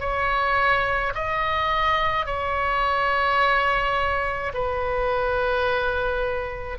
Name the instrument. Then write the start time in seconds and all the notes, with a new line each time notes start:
oboe
0.00 C#5
1.15 D#5
2.26 C#5
4.54 B4